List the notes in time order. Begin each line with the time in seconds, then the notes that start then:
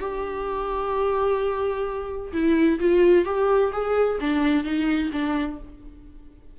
0.00 G4
2.33 E4
2.80 F4
3.25 G4
3.73 G#4
4.20 D4
4.64 D#4
5.12 D4